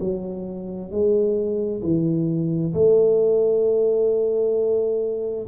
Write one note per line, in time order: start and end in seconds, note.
0.00 0.91 F#3
0.91 1.82 G#3
1.83 2.74 E3
2.74 5.47 A3